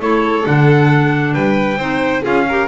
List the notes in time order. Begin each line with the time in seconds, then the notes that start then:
0.00 A3 E4 A4 C#5
0.43 D3 D4 F#5
1.33 G3 B4 G5
1.77 C4 D#4 C5
2.23 C#4 F4 G#4 F5
2.48 G4 A#4